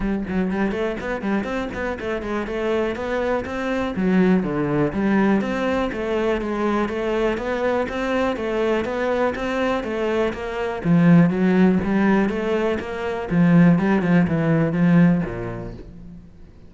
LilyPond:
\new Staff \with { instrumentName = "cello" } { \time 4/4 \tempo 4 = 122 g8 fis8 g8 a8 b8 g8 c'8 b8 | a8 gis8 a4 b4 c'4 | fis4 d4 g4 c'4 | a4 gis4 a4 b4 |
c'4 a4 b4 c'4 | a4 ais4 f4 fis4 | g4 a4 ais4 f4 | g8 f8 e4 f4 ais,4 | }